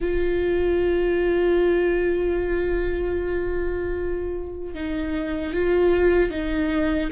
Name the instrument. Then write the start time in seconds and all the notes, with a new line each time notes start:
viola
0.00 F4
4.74 D#4
5.53 F4
6.30 D#4